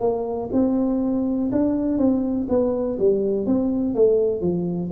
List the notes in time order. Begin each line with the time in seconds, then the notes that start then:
0.00 A#3
0.52 C4
1.52 D4
1.98 C4
2.49 B3
2.99 G3
3.46 C4
3.94 A3
4.41 F3